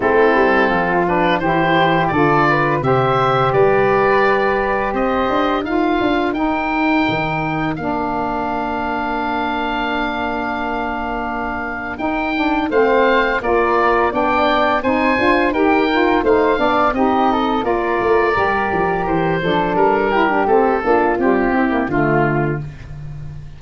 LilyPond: <<
  \new Staff \with { instrumentName = "oboe" } { \time 4/4 \tempo 4 = 85 a'4. b'8 c''4 d''4 | e''4 d''2 dis''4 | f''4 g''2 f''4~ | f''1~ |
f''4 g''4 f''4 d''4 | g''4 gis''4 g''4 f''4 | dis''4 d''2 c''4 | ais'4 a'4 g'4 f'4 | }
  \new Staff \with { instrumentName = "flute" } { \time 4/4 e'4 f'4 g'4 a'8 b'8 | c''4 b'2 c''4 | ais'1~ | ais'1~ |
ais'2 c''4 ais'4 | d''4 c''4 ais'4 c''8 d''8 | g'8 a'8 ais'2~ ais'8 a'8~ | a'8 g'4 f'4 e'8 f'4 | }
  \new Staff \with { instrumentName = "saxophone" } { \time 4/4 c'4. d'8 e'4 f'4 | g'1 | f'4 dis'2 d'4~ | d'1~ |
d'4 dis'8 d'8 c'4 f'4 | d'4 dis'8 f'8 g'8 f'8 dis'8 d'8 | dis'4 f'4 g'4. d'8~ | d'8 e'16 d'16 c'8 d'8 g8 c'16 ais16 a4 | }
  \new Staff \with { instrumentName = "tuba" } { \time 4/4 a8 g8 f4 e4 d4 | c4 g2 c'8 d'8 | dis'8 d'8 dis'4 dis4 ais4~ | ais1~ |
ais4 dis'4 a4 ais4 | b4 c'8 d'8 dis'4 a8 b8 | c'4 ais8 a8 g8 f8 e8 f8 | g4 a8 ais8 c'4 d4 | }
>>